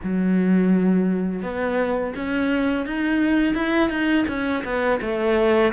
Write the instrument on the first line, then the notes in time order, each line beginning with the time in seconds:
cello
0.03 F#3
1.42 B3
2.15 C#4
2.85 D#4
3.54 E4
3.89 D#4
4.28 C#4
4.64 B3
5.01 A3